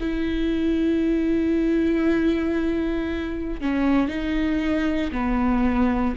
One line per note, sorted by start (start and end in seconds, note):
0.00 3.61 E4
3.61 4.08 C#4
4.08 5.11 D#4
5.12 6.15 B3